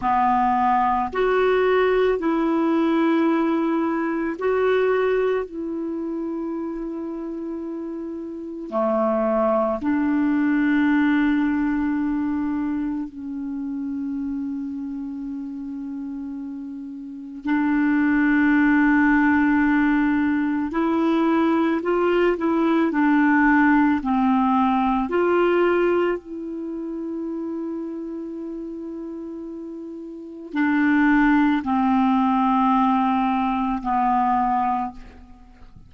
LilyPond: \new Staff \with { instrumentName = "clarinet" } { \time 4/4 \tempo 4 = 55 b4 fis'4 e'2 | fis'4 e'2. | a4 d'2. | cis'1 |
d'2. e'4 | f'8 e'8 d'4 c'4 f'4 | e'1 | d'4 c'2 b4 | }